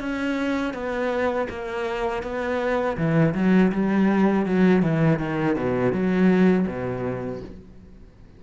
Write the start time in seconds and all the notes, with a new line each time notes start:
0.00 C#4
0.74 B3
1.49 A#3
2.23 B3
2.97 E3
3.35 F#3
3.72 G3
4.46 F#3
4.82 E3
5.19 D#3
5.56 B2
5.93 F#3
6.67 B2